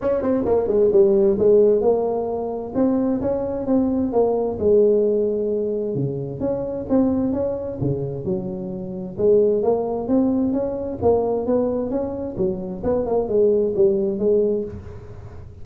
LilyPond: \new Staff \with { instrumentName = "tuba" } { \time 4/4 \tempo 4 = 131 cis'8 c'8 ais8 gis8 g4 gis4 | ais2 c'4 cis'4 | c'4 ais4 gis2~ | gis4 cis4 cis'4 c'4 |
cis'4 cis4 fis2 | gis4 ais4 c'4 cis'4 | ais4 b4 cis'4 fis4 | b8 ais8 gis4 g4 gis4 | }